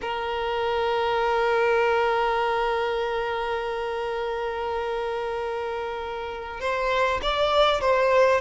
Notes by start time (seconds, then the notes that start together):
0.01 A#4
6.60 C5
7.22 D5
7.80 C5